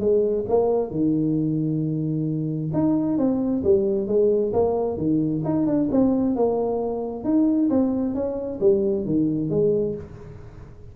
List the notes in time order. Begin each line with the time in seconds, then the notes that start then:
0.00 G#3
0.49 A#3
0.91 D#3
2.74 D#4
3.18 C4
3.64 G3
4.08 G#3
4.53 A#3
4.98 D#3
5.45 D#4
5.67 D4
5.92 C4
6.36 A#3
7.25 D#4
7.70 C4
8.15 C#4
8.61 G3
9.06 D#3
9.50 G#3